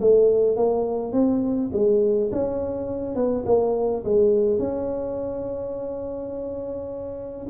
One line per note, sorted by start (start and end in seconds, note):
0.00 0.56 A3
0.56 1.12 A#3
1.12 1.70 C4
1.73 2.30 G#3
2.32 3.15 C#4
3.15 3.44 B3
3.45 4.03 A#3
4.04 4.58 G#3
4.58 7.47 C#4